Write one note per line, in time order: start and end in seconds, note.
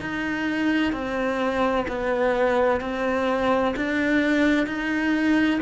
0.00 0.92 D#4
0.92 1.86 C4
1.87 2.81 B3
2.81 3.75 C4
3.76 4.67 D4
4.67 5.60 D#4